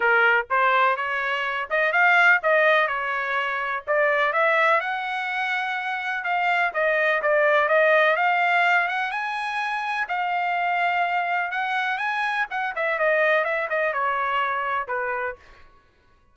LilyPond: \new Staff \with { instrumentName = "trumpet" } { \time 4/4 \tempo 4 = 125 ais'4 c''4 cis''4. dis''8 | f''4 dis''4 cis''2 | d''4 e''4 fis''2~ | fis''4 f''4 dis''4 d''4 |
dis''4 f''4. fis''8 gis''4~ | gis''4 f''2. | fis''4 gis''4 fis''8 e''8 dis''4 | e''8 dis''8 cis''2 b'4 | }